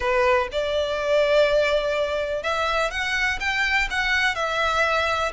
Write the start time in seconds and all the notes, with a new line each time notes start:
0.00 B4
0.51 D5
2.42 E5
2.90 F#5
3.40 G5
3.90 F#5
4.35 E5